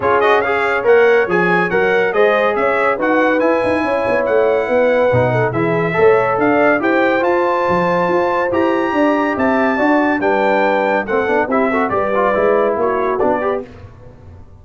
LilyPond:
<<
  \new Staff \with { instrumentName = "trumpet" } { \time 4/4 \tempo 4 = 141 cis''8 dis''8 f''4 fis''4 gis''4 | fis''4 dis''4 e''4 fis''4 | gis''2 fis''2~ | fis''4 e''2 f''4 |
g''4 a''2. | ais''2 a''2 | g''2 fis''4 e''4 | d''2 cis''4 d''4 | }
  \new Staff \with { instrumentName = "horn" } { \time 4/4 gis'4 cis''2.~ | cis''4 c''4 cis''4 b'4~ | b'4 cis''2 b'4~ | b'8 a'8 gis'4 cis''4 d''4 |
c''1~ | c''4 d''4 e''4 d''4 | b'2 a'4 g'8 a'8 | b'2 fis'4. b'8 | }
  \new Staff \with { instrumentName = "trombone" } { \time 4/4 f'8 fis'8 gis'4 ais'4 gis'4 | ais'4 gis'2 fis'4 | e'1 | dis'4 e'4 a'2 |
g'4 f'2. | g'2. fis'4 | d'2 c'8 d'8 e'8 fis'8 | g'8 f'8 e'2 d'8 g'8 | }
  \new Staff \with { instrumentName = "tuba" } { \time 4/4 cis'2 ais4 f4 | fis4 gis4 cis'4 dis'4 | e'8 dis'8 cis'8 b8 a4 b4 | b,4 e4 a4 d'4 |
e'4 f'4 f4 f'4 | e'4 d'4 c'4 d'4 | g2 a8 b8 c'4 | g4 gis4 ais4 b4 | }
>>